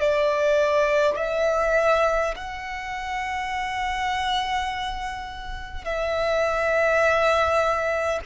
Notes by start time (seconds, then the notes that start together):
0.00 D5
1.17 E5
2.35 F#5
5.84 E5